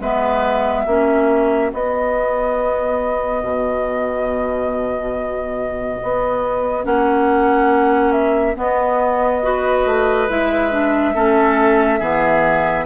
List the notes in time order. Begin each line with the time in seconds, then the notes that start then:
0.00 G#3 B3 B4 E5
0.84 A#3 C#4 F#4
1.73 B3 D#5
3.42 B2
6.02 B3
6.84 A#3 C#4 F#5
8.12 E5
8.55 B3 D#5
9.42 F#4 B4
9.85 A3
10.29 G#3 E4 E5
10.71 D4
11.14 A3 C#4 A4
11.99 E3 B3 G#4